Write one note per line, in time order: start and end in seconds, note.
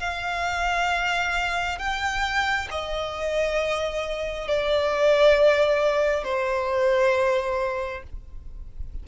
0.00 1.79 F5
1.79 2.68 G5
2.71 4.48 D#5
4.48 6.24 D5
6.24 8.04 C5